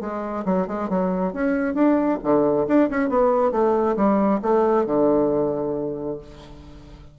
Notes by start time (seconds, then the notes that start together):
0.00 G#3
0.45 F#3
0.67 G#3
0.89 F#3
1.33 C#4
1.74 D4
2.23 D3
2.67 D4
2.90 C#4
3.09 B3
3.51 A3
3.96 G3
4.42 A3
4.86 D3